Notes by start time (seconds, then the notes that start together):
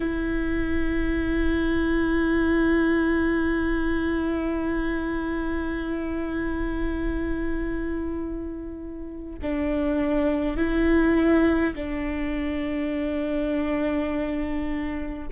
0.00 E4
9.42 D4
10.56 E4
11.75 D4